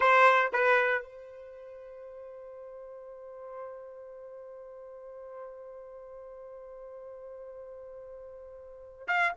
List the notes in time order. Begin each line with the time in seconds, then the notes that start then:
0.00 C5
0.52 B4
1.02 C5
9.07 F5